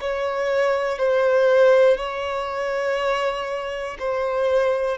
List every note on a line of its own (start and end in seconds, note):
0.00 0.98 C#5
0.98 1.97 C5
1.97 3.97 C#5
3.99 4.97 C5